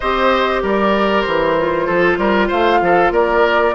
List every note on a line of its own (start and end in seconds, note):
0.00 0.62 C4
0.00 1.58 G4
0.00 0.62 C5
0.00 0.62 D#5
0.62 1.25 G3
0.62 1.86 A#4
0.62 1.21 D5
1.21 1.88 E3
1.21 2.46 C5
1.58 3.75 F4
1.86 2.17 F3
1.86 2.17 A4
2.17 2.49 G3
2.17 2.47 A#4
2.47 2.81 A3
2.47 2.79 C5
2.47 3.12 F5
2.81 3.11 F3
2.81 3.12 A4
3.11 3.73 A#3
3.11 3.74 A#4
3.11 3.75 D5